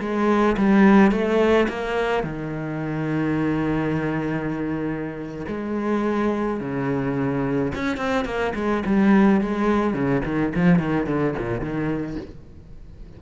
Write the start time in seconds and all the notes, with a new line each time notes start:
0.00 G#3
0.57 G3
1.11 A3
1.68 A#3
2.23 D#3
5.48 G#3
6.60 C#3
7.75 C#4
7.97 C4
8.25 A#3
8.55 G#3
8.86 G3
9.41 G#3
9.94 C#3
10.25 D#3
10.55 F3
10.79 D#3
11.06 D3
11.38 A#2
11.60 D#3